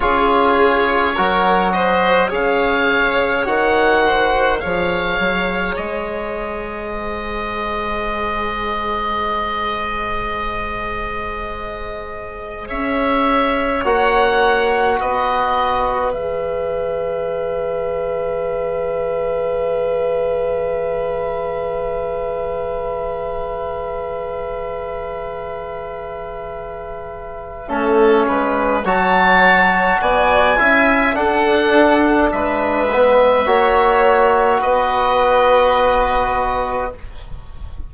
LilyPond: <<
  \new Staff \with { instrumentName = "oboe" } { \time 4/4 \tempo 4 = 52 cis''4. dis''8 f''4 fis''4 | f''4 dis''2.~ | dis''2. e''4 | fis''4 dis''4 e''2~ |
e''1~ | e''1~ | e''4 a''4 gis''4 fis''4 | e''2 dis''2 | }
  \new Staff \with { instrumentName = "violin" } { \time 4/4 gis'4 ais'8 c''8 cis''4. c''8 | cis''2 c''2~ | c''2. cis''4~ | cis''4 b'2.~ |
b'1~ | b'1 | a'8 b'8 cis''4 d''8 e''8 a'4 | b'4 cis''4 b'2 | }
  \new Staff \with { instrumentName = "trombone" } { \time 4/4 f'4 fis'4 gis'4 fis'4 | gis'1~ | gis'1 | fis'2 gis'2~ |
gis'1~ | gis'1 | cis'4 fis'4. e'8 d'4~ | d'8 b8 fis'2. | }
  \new Staff \with { instrumentName = "bassoon" } { \time 4/4 cis'4 fis4 cis4 dis4 | f8 fis8 gis2.~ | gis2. cis'4 | ais4 b4 e2~ |
e1~ | e1 | a8 gis8 fis4 b8 cis'8 d'4 | gis4 ais4 b2 | }
>>